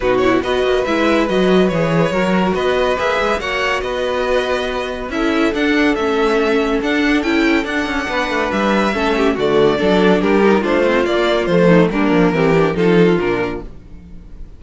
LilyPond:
<<
  \new Staff \with { instrumentName = "violin" } { \time 4/4 \tempo 4 = 141 b'8 cis''8 dis''4 e''4 dis''4 | cis''2 dis''4 e''4 | fis''4 dis''2. | e''4 fis''4 e''2 |
fis''4 g''4 fis''2 | e''2 d''2 | ais'4 c''4 d''4 c''4 | ais'2 a'4 ais'4 | }
  \new Staff \with { instrumentName = "violin" } { \time 4/4 fis'4 b'2.~ | b'4 ais'4 b'2 | cis''4 b'2. | a'1~ |
a'2. b'4~ | b'4 a'8 g'8 fis'4 a'4 | g'4 f'2~ f'8 dis'8 | d'4 g'4 f'2 | }
  \new Staff \with { instrumentName = "viola" } { \time 4/4 dis'8 e'8 fis'4 e'4 fis'4 | gis'4 fis'2 gis'4 | fis'1 | e'4 d'4 cis'2 |
d'4 e'4 d'2~ | d'4 cis'4 a4 d'4~ | d'8 dis'8 d'8 c'8 ais4 a4 | ais4 c'8 d'8 dis'4 d'4 | }
  \new Staff \with { instrumentName = "cello" } { \time 4/4 b,4 b8 ais8 gis4 fis4 | e4 fis4 b4 ais8 gis8 | ais4 b2. | cis'4 d'4 a2 |
d'4 cis'4 d'8 cis'8 b8 a8 | g4 a4 d4 fis4 | g4 a4 ais4 f4 | g8 f8 e4 f4 ais,4 | }
>>